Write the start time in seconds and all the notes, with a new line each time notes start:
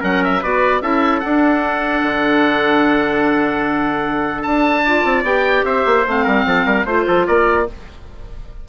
0.00 F#3 C#4 A#4 F#5
0.23 E5
0.41 B3 F#4 B4 D5
0.81 C#4 E4 A4 E5
1.20 D4 F#5
2.03 D3
4.42 D4 A5
4.84 F4 D5
5.04 C4
5.22 B3 G4 G5
5.64 C4 C5 E5
5.85 A#3
6.06 A3 C4 F5
6.24 G3 A#4
6.45 F3 A4
6.65 G3 A#4
6.85 A3 F4 C5
7.07 F3 A4
7.26 A#3 A#4 D5